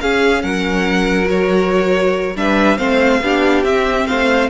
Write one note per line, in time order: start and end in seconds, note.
0.00 1.24 C#4
0.00 0.43 C#4
0.00 0.42 G#4
0.00 0.42 F5
0.42 2.35 F#3
0.42 2.35 A#4
0.42 1.27 F#5
1.24 2.32 F#4
1.24 2.36 C#5
2.35 2.78 G3
2.35 2.78 D4
2.35 2.77 B4
2.35 2.77 E5
2.77 3.21 A3
2.77 3.21 C4
2.77 3.20 C5
2.77 3.63 F5
3.21 3.63 B3
3.21 3.65 D4
3.21 4.06 G4
3.63 4.06 C4
3.63 4.50 C4
3.63 4.07 E5
4.06 4.50 A3
4.06 4.49 C5
4.06 4.49 F5